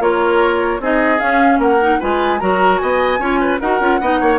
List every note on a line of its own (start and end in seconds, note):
0.00 0.80 A#3
0.00 0.81 F4
0.00 0.81 A#4
0.00 0.82 C#5
0.80 1.20 C4
0.80 1.19 D#4
0.80 1.60 G#4
0.80 1.20 D#5
1.19 1.79 C#4
1.19 1.59 C#4
1.19 1.60 F5
1.59 1.99 A#3
1.59 2.00 A#4
1.59 2.02 F#5
1.82 2.01 D#4
2.00 2.42 G#3
2.00 2.40 F4
2.00 2.40 B4
2.00 2.40 G#5
2.40 2.82 F#3
2.40 3.20 F#4
2.40 2.82 A#4
2.40 2.79 A#5
2.79 3.20 B3
2.79 3.20 D#5
2.79 3.59 G#5
3.20 3.60 C#4
3.20 3.61 F4
3.20 3.40 C#5
3.41 3.61 B4
3.61 3.81 D#4
3.61 3.81 F#4
3.61 4.01 A#4
3.61 4.39 F#5
3.81 4.01 C#4
3.81 4.01 F4
4.01 4.21 B3
4.01 4.39 D#4
4.01 4.21 D#5
4.21 4.39 A#3
4.21 4.39 C#5